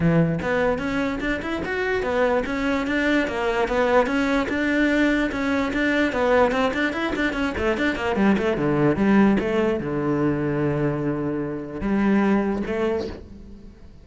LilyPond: \new Staff \with { instrumentName = "cello" } { \time 4/4 \tempo 4 = 147 e4 b4 cis'4 d'8 e'8 | fis'4 b4 cis'4 d'4 | ais4 b4 cis'4 d'4~ | d'4 cis'4 d'4 b4 |
c'8 d'8 e'8 d'8 cis'8 a8 d'8 ais8 | g8 a8 d4 g4 a4 | d1~ | d4 g2 a4 | }